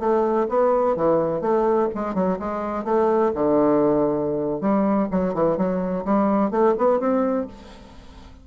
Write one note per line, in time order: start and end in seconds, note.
0.00 0.47 A3
0.49 0.96 B3
0.96 1.41 E3
1.41 1.89 A3
1.95 2.15 G#3
2.15 2.38 F#3
2.40 2.85 G#3
2.85 3.32 A3
3.35 4.61 D3
4.61 5.08 G3
5.12 5.34 F#3
5.34 5.57 E3
5.57 6.05 F#3
6.05 6.51 G3
6.51 6.75 A3
6.78 7.00 B3
7.00 7.47 C4